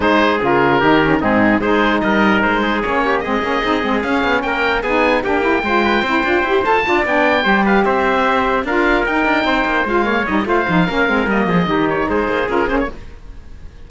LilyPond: <<
  \new Staff \with { instrumentName = "oboe" } { \time 4/4 \tempo 4 = 149 c''4 ais'2 gis'4 | c''4 dis''4 c''4 cis''4 | dis''2 f''4 g''4 | gis''4 g''2.~ |
g''8 a''4 g''4. f''8 e''8~ | e''4. f''4 g''4.~ | g''8 f''4 dis''8 f''2 | dis''4. cis''8 c''4 ais'8 c''16 cis''16 | }
  \new Staff \with { instrumentName = "trumpet" } { \time 4/4 gis'2 g'4 dis'4 | gis'4 ais'4. gis'4 g'8 | gis'2. ais'4 | gis'4 g'4 c''8 b'8 c''4~ |
c''4 d''4. c''8 b'8 c''8~ | c''4. ais'2 c''8~ | c''4 cis''4 c''4 ais'4~ | ais'8 gis'8 g'4 gis'2 | }
  \new Staff \with { instrumentName = "saxophone" } { \time 4/4 dis'4 f'4 dis'8 cis'8 c'4 | dis'2. cis'4 | c'8 cis'8 dis'8 c'8 cis'2 | dis'4 d'8 e'8 f'4 e'8 f'8 |
g'8 a'8 f'8 d'4 g'4.~ | g'4. f'4 dis'4.~ | dis'8 f'8 ais8 dis'8 f'8 dis'8 cis'8 c'8 | ais4 dis'2 f'8 cis'8 | }
  \new Staff \with { instrumentName = "cello" } { \time 4/4 gis4 cis4 dis4 gis,4 | gis4 g4 gis4 ais4 | gis8 ais8 c'8 gis8 cis'8 b8 ais4 | b4 ais4 gis4 c'8 d'8 |
e'8 f'8 d'8 b4 g4 c'8~ | c'4. d'4 dis'8 d'8 c'8 | ais8 gis4 g8 a8 f8 ais8 gis8 | g8 f8 dis4 gis8 ais8 cis'8 ais8 | }
>>